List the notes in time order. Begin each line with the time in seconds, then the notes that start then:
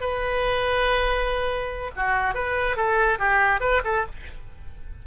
0.00 B4
1.96 F#4
2.34 B4
2.76 A4
3.18 G4
3.60 B4
3.84 A4